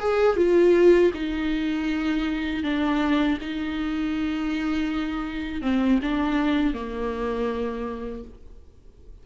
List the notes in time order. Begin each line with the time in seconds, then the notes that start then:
0.00 G#4
0.36 F4
1.14 D#4
2.63 D4
3.41 D#4
5.62 C4
6.02 D4
6.74 A#3